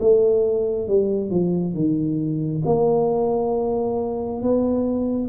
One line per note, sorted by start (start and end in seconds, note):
0.00 0.87 A3
0.87 1.30 G3
1.30 1.74 F3
1.74 2.62 D#3
2.66 4.42 A#3
4.42 5.28 B3